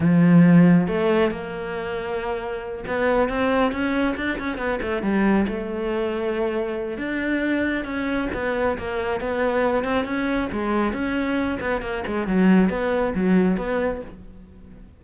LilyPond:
\new Staff \with { instrumentName = "cello" } { \time 4/4 \tempo 4 = 137 f2 a4 ais4~ | ais2~ ais8 b4 c'8~ | c'8 cis'4 d'8 cis'8 b8 a8 g8~ | g8 a2.~ a8 |
d'2 cis'4 b4 | ais4 b4. c'8 cis'4 | gis4 cis'4. b8 ais8 gis8 | fis4 b4 fis4 b4 | }